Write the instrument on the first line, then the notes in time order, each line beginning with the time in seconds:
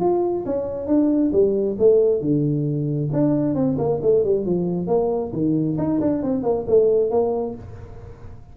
tuba
0.00 F4
0.45 C#4
0.87 D4
1.32 G3
1.78 A3
2.21 D3
3.13 D4
3.55 C4
3.78 A#3
4.02 A3
4.24 G3
4.45 F3
4.87 A#3
5.33 D#3
5.78 D#4
6.00 D4
6.22 C4
6.43 A#3
6.68 A3
7.10 A#3